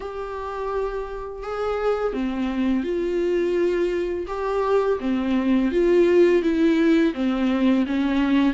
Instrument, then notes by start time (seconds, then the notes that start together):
viola
0.00 G4
1.43 G#4
2.13 C4
2.83 F4
4.27 G4
5.00 C4
5.71 F4
6.42 E4
7.14 C4
7.86 C#4